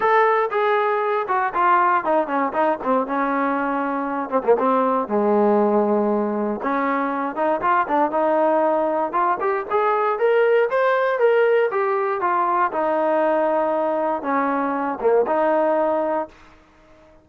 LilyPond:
\new Staff \with { instrumentName = "trombone" } { \time 4/4 \tempo 4 = 118 a'4 gis'4. fis'8 f'4 | dis'8 cis'8 dis'8 c'8 cis'2~ | cis'8 c'16 ais16 c'4 gis2~ | gis4 cis'4. dis'8 f'8 d'8 |
dis'2 f'8 g'8 gis'4 | ais'4 c''4 ais'4 g'4 | f'4 dis'2. | cis'4. ais8 dis'2 | }